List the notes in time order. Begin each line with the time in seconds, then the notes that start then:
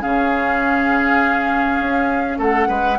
0.00 C#3 C#4 G#4 F5
1.80 C#4
2.38 A3 A4 F#5
2.68 G#3 B4